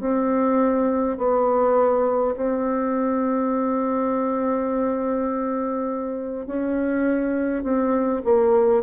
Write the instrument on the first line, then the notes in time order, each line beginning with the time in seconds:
bassoon
0.00 C4
1.18 B3
2.36 C4
6.47 C#4
7.63 C4
8.25 A#3